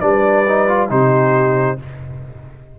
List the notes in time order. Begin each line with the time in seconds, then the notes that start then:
0.00 G3 D4 B4 D5
0.48 D#4
0.69 F4
0.89 C3 D#4 G4 C5